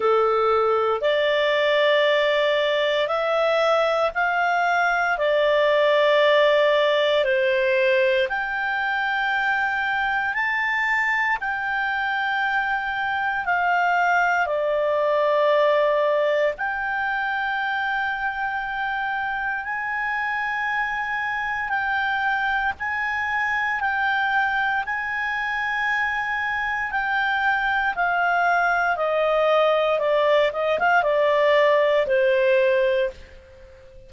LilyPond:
\new Staff \with { instrumentName = "clarinet" } { \time 4/4 \tempo 4 = 58 a'4 d''2 e''4 | f''4 d''2 c''4 | g''2 a''4 g''4~ | g''4 f''4 d''2 |
g''2. gis''4~ | gis''4 g''4 gis''4 g''4 | gis''2 g''4 f''4 | dis''4 d''8 dis''16 f''16 d''4 c''4 | }